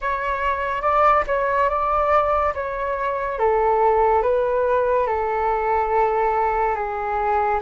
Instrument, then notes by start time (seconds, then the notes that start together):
flute
0.01 C#5
0.81 D5
1.26 C#5
1.69 D5
2.54 C#5
3.38 A4
4.22 B4
5.07 A4
6.75 G#4